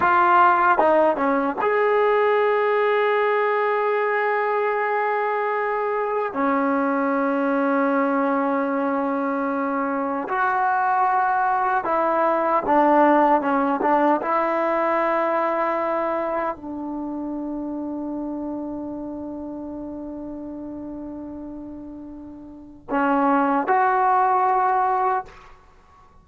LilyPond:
\new Staff \with { instrumentName = "trombone" } { \time 4/4 \tempo 4 = 76 f'4 dis'8 cis'8 gis'2~ | gis'1 | cis'1~ | cis'4 fis'2 e'4 |
d'4 cis'8 d'8 e'2~ | e'4 d'2.~ | d'1~ | d'4 cis'4 fis'2 | }